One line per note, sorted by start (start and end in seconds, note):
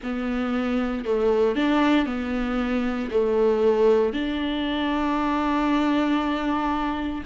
0.03 1.05 B3
1.05 1.55 A3
1.55 2.05 D4
2.05 3.09 B3
3.10 4.13 A3
4.13 7.23 D4